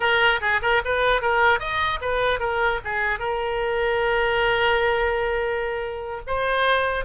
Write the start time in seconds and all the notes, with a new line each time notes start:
0.00 A#4
0.40 G#4
0.62 A#4
0.84 B4
1.21 A#4
1.59 D#5
2.01 B4
2.39 A#4
2.84 G#4
3.19 A#4
6.26 C5